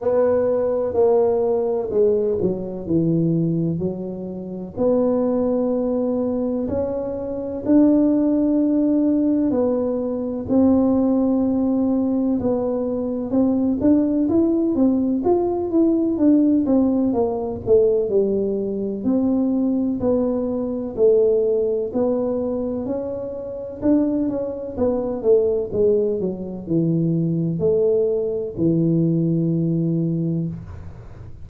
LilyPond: \new Staff \with { instrumentName = "tuba" } { \time 4/4 \tempo 4 = 63 b4 ais4 gis8 fis8 e4 | fis4 b2 cis'4 | d'2 b4 c'4~ | c'4 b4 c'8 d'8 e'8 c'8 |
f'8 e'8 d'8 c'8 ais8 a8 g4 | c'4 b4 a4 b4 | cis'4 d'8 cis'8 b8 a8 gis8 fis8 | e4 a4 e2 | }